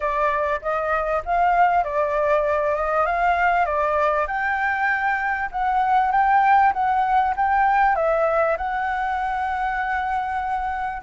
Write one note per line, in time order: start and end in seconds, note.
0.00 0.60 D5
0.61 1.22 D#5
1.25 1.83 F5
1.83 2.75 D5
2.75 3.06 D#5
3.06 3.65 F5
3.65 4.26 D5
4.27 5.49 G5
5.51 6.11 F#5
6.11 6.73 G5
6.73 7.34 F#5
7.36 7.95 G5
7.95 8.57 E5
8.57 11.02 F#5